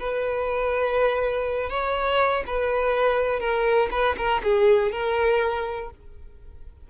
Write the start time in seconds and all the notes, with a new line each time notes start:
0.00 B4
1.70 C#5
2.47 B4
3.40 A#4
3.92 B4
4.18 A#4
4.44 G#4
4.92 A#4